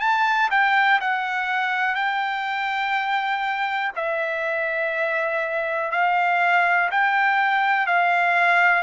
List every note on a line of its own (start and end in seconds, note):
0.00 0.49 A5
0.50 0.99 G5
1.00 1.95 F#5
1.95 3.92 G5
3.95 5.91 E5
5.91 6.89 F5
6.91 7.86 G5
7.86 8.83 F5